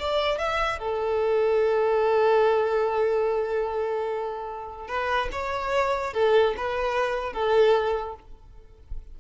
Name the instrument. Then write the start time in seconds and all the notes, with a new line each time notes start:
violin
0.00 D5
0.38 E5
0.80 A4
4.88 B4
5.32 C#5
6.14 A4
6.58 B4
7.33 A4